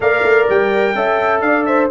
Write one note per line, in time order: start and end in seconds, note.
0.00 0.22 A#3
0.00 0.95 A#4
0.00 0.96 D5
0.00 0.48 F5
0.23 0.47 A3
0.49 0.94 G3
0.49 1.41 G5
0.94 1.41 C#4
0.94 1.90 A4
0.94 1.43 E5
1.41 1.89 D4
1.41 1.67 D5
1.41 1.65 F5
1.65 1.90 C5
1.65 1.89 E5